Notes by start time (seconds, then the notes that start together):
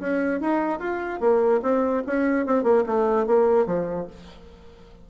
0.00 C#4
0.40 D#4
0.80 F4
1.20 A#3
1.63 C4
2.07 C#4
2.46 C4
2.63 A#3
2.86 A3
3.27 A#3
3.66 F3